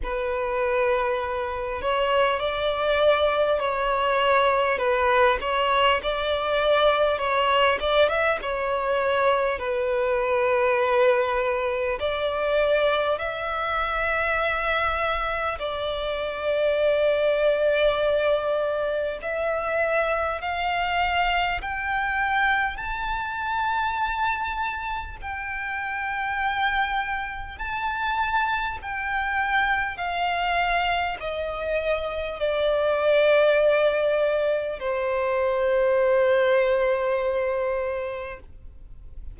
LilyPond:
\new Staff \with { instrumentName = "violin" } { \time 4/4 \tempo 4 = 50 b'4. cis''8 d''4 cis''4 | b'8 cis''8 d''4 cis''8 d''16 e''16 cis''4 | b'2 d''4 e''4~ | e''4 d''2. |
e''4 f''4 g''4 a''4~ | a''4 g''2 a''4 | g''4 f''4 dis''4 d''4~ | d''4 c''2. | }